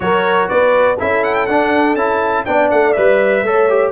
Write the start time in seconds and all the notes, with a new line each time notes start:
0.00 F#3 F#4 A#4 C#5
0.48 B3 B4 D5
0.98 C#4 E4 A4 E5
1.24 F#5
1.34 G5
1.46 D4 F#5
1.94 C#4 E4 A5
2.45 B3 D4 D5 G5
2.70 A3 F#5
2.92 G3 B4 E5
3.43 A3 A4 C#5
3.69 G4